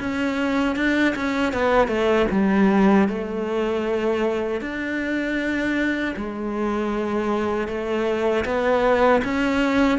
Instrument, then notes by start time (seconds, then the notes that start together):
cello
0.00 C#4
0.76 D4
1.16 C#4
1.53 B3
1.88 A3
2.31 G3
3.09 A3
4.61 D4
6.17 G#3
7.68 A3
8.45 B3
9.24 C#4